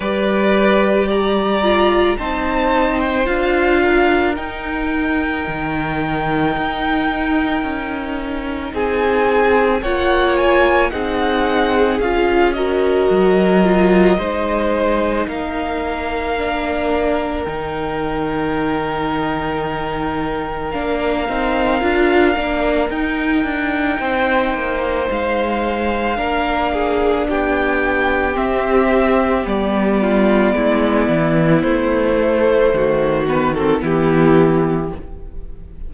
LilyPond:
<<
  \new Staff \with { instrumentName = "violin" } { \time 4/4 \tempo 4 = 55 d''4 ais''4 a''8. g''16 f''4 | g''1 | gis''4 fis''8 gis''8 fis''4 f''8 dis''8~ | dis''2 f''2 |
g''2. f''4~ | f''4 g''2 f''4~ | f''4 g''4 e''4 d''4~ | d''4 c''4. b'16 a'16 g'4 | }
  \new Staff \with { instrumentName = "violin" } { \time 4/4 b'4 d''4 c''4. ais'8~ | ais'1 | gis'4 cis''4 gis'4. ais'8~ | ais'4 c''4 ais'2~ |
ais'1~ | ais'2 c''2 | ais'8 gis'8 g'2~ g'8 f'8 | e'2 fis'4 e'4 | }
  \new Staff \with { instrumentName = "viola" } { \time 4/4 g'4. f'8 dis'4 f'4 | dis'1~ | dis'4 f'4 dis'4 f'8 fis'8~ | fis'8 f'8 dis'2 d'4 |
dis'2. d'8 dis'8 | f'8 d'8 dis'2. | d'2 c'4 b4~ | b4. a4 b16 c'16 b4 | }
  \new Staff \with { instrumentName = "cello" } { \time 4/4 g2 c'4 d'4 | dis'4 dis4 dis'4 cis'4 | c'4 ais4 c'4 cis'4 | fis4 gis4 ais2 |
dis2. ais8 c'8 | d'8 ais8 dis'8 d'8 c'8 ais8 gis4 | ais4 b4 c'4 g4 | gis8 e8 a4 dis4 e4 | }
>>